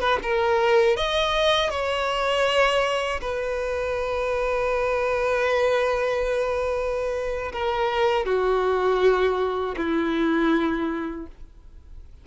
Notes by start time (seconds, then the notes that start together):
0.00 B4
0.22 A#4
0.96 D#5
1.70 C#5
3.21 B4
7.52 A#4
8.25 F#4
9.76 E4